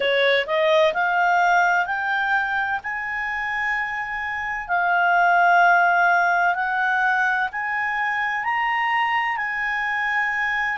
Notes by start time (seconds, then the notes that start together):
0.00 C#5
0.46 D#5
0.93 F5
1.86 G5
2.83 G#5
4.67 F5
6.55 F#5
7.52 G#5
8.44 A#5
9.37 G#5